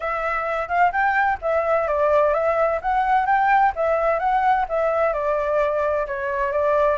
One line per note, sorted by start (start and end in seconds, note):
0.00 0.68 E5
0.68 0.91 F5
0.92 1.38 G5
1.41 1.87 E5
1.87 2.33 D5
2.33 2.80 E5
2.81 3.26 F#5
3.26 3.72 G5
3.75 4.19 E5
4.19 4.65 F#5
4.68 5.13 E5
5.13 6.06 D5
6.07 6.52 C#5
6.52 6.97 D5